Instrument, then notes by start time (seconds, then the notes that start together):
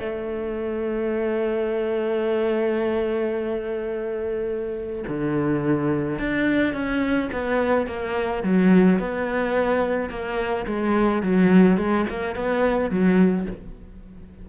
cello
0.00 A3
5.08 D3
6.19 D4
6.74 C#4
7.33 B3
7.87 A#3
8.43 F#3
8.99 B3
10.10 A#3
10.67 G#3
11.23 F#3
11.78 G#3
12.10 A#3
12.36 B3
12.91 F#3